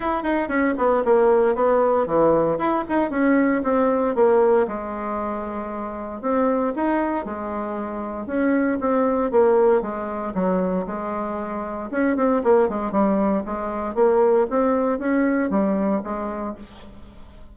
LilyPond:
\new Staff \with { instrumentName = "bassoon" } { \time 4/4 \tempo 4 = 116 e'8 dis'8 cis'8 b8 ais4 b4 | e4 e'8 dis'8 cis'4 c'4 | ais4 gis2. | c'4 dis'4 gis2 |
cis'4 c'4 ais4 gis4 | fis4 gis2 cis'8 c'8 | ais8 gis8 g4 gis4 ais4 | c'4 cis'4 g4 gis4 | }